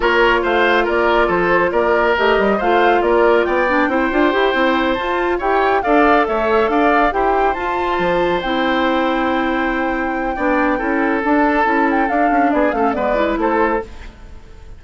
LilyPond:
<<
  \new Staff \with { instrumentName = "flute" } { \time 4/4 \tempo 4 = 139 cis''4 f''4 d''4 c''4 | d''4 dis''4 f''4 d''4 | g''2.~ g''8 a''8~ | a''8 g''4 f''4 e''4 f''8~ |
f''8 g''4 a''2 g''8~ | g''1~ | g''2 a''4. g''8 | f''4 d''8 f''8 d''4 c''4 | }
  \new Staff \with { instrumentName = "oboe" } { \time 4/4 ais'4 c''4 ais'4 a'4 | ais'2 c''4 ais'4 | d''4 c''2.~ | c''8 cis''4 d''4 cis''4 d''8~ |
d''8 c''2.~ c''8~ | c''1 | d''4 a'2.~ | a'4 gis'8 a'8 b'4 a'4 | }
  \new Staff \with { instrumentName = "clarinet" } { \time 4/4 f'1~ | f'4 g'4 f'2~ | f'8 d'8 e'8 f'8 g'8 e'4 f'8~ | f'8 g'4 a'2~ a'8~ |
a'8 g'4 f'2 e'8~ | e'1 | d'4 e'4 d'4 e'4 | d'4. cis'8 b8 e'4. | }
  \new Staff \with { instrumentName = "bassoon" } { \time 4/4 ais4 a4 ais4 f4 | ais4 a8 g8 a4 ais4 | b4 c'8 d'8 e'8 c'4 f'8~ | f'8 e'4 d'4 a4 d'8~ |
d'8 e'4 f'4 f4 c'8~ | c'1 | b4 cis'4 d'4 cis'4 | d'8 cis'8 b8 a8 gis4 a4 | }
>>